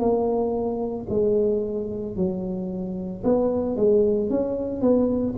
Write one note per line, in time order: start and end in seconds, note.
0.00 1.07 A#3
1.10 2.17 G#3
2.17 3.24 F#3
3.24 3.77 B3
3.77 4.30 G#3
4.30 4.82 C#4
4.82 5.35 B3